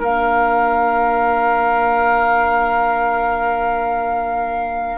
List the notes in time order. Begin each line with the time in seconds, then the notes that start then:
0.00 A#3 D4 A#4 F5